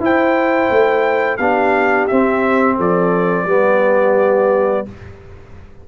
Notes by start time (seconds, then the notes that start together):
0.00 E4 C5 G5
0.70 A3
1.37 B3 D4 G4 F5
2.07 C4 E5
2.76 F3 A4 D5
3.45 G3 B3 G4